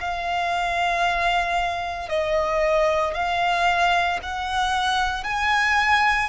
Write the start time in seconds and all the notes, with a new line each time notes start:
0.00 F5
2.09 D#5
3.14 F5
4.22 F#5
5.24 G#5